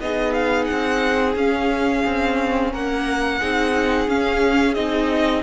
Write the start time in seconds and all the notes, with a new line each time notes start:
0.00 B3 D#4 G#4 D#5
0.33 F5
0.64 F#5
0.71 C4
1.35 C#4 F5
2.05 C4
2.71 A#3 A#4 F#5
3.38 C4 D#4 G#4
4.07 C#4 F5
4.74 C4 D#4 D#5